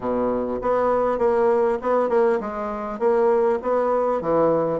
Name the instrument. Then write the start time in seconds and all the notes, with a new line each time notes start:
bassoon
0.00 B2
0.61 B3
1.18 A#3
1.81 B3
2.09 A#3
2.40 G#3
2.99 A#3
3.62 B3
4.21 E3